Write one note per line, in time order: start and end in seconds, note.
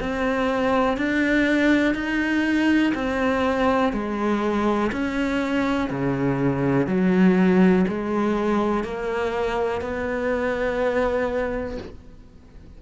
0.00 0.97 C4
0.97 1.94 D4
1.94 2.92 D#4
2.94 3.93 C4
3.93 4.91 G#3
4.92 5.90 C#4
5.90 6.87 C#3
6.87 7.85 F#3
7.88 8.84 G#3
8.84 9.81 A#3
9.81 11.78 B3